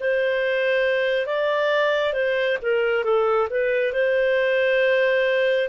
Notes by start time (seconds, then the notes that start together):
0.00 C5
1.26 D5
2.13 C5
2.62 A#4
3.04 A4
3.50 B4
3.93 C5